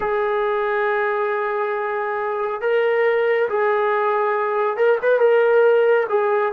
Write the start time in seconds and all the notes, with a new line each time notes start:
0.00 G#4
2.61 A#4
3.49 G#4
4.76 A#4
5.02 B4
5.19 A#4
6.09 G#4